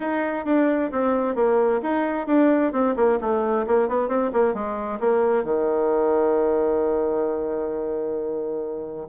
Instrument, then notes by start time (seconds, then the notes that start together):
bassoon
0.00 D#4
0.45 D4
0.91 C4
1.35 A#3
1.82 D#4
2.26 D4
2.72 C4
2.96 A#3
3.20 A3
3.66 A#3
3.88 B3
4.08 C4
4.32 A#3
4.54 G#3
5.00 A#3
5.44 D#3